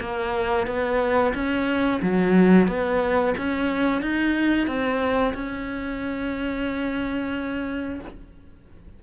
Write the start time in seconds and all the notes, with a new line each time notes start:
0.00 A#3
0.67 B3
1.34 C#4
2.02 F#3
2.68 B3
3.38 C#4
4.02 D#4
4.67 C4
5.34 C#4